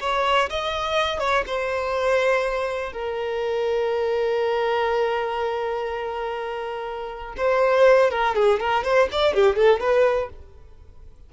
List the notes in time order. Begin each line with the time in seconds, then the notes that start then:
0.00 C#5
0.50 D#5
1.20 C#5
1.46 C5
2.93 A#4
7.37 C5
8.11 A#4
8.35 G#4
8.60 A#4
8.84 C5
9.12 D5
9.34 G4
9.56 A4
9.80 B4